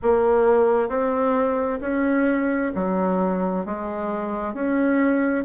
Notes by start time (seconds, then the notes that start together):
0.02 A#3
0.88 C4
1.81 C#4
2.74 F#3
3.65 G#3
4.53 C#4